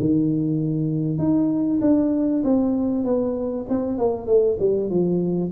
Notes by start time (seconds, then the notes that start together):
0.00 D#3
1.18 D#4
1.82 D4
2.44 C4
3.04 B3
3.69 C4
3.98 A#3
4.27 A3
4.60 G3
4.90 F3